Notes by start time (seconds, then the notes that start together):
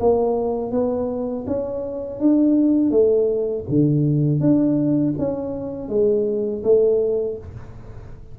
0.00 A#3
0.72 B3
1.47 C#4
2.20 D4
2.91 A3
3.69 D3
4.40 D4
5.18 C#4
5.89 G#3
6.64 A3